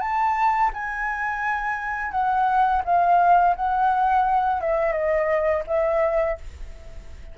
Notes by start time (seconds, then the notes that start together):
0.00 A5
0.73 G#5
2.11 F#5
2.85 F5
3.55 F#5
4.61 E5
4.92 D#5
5.67 E5